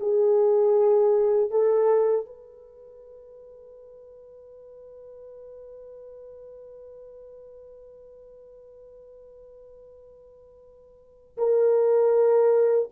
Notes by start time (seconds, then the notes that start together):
0.00 G#4
1.51 A4
2.26 B4
11.38 A#4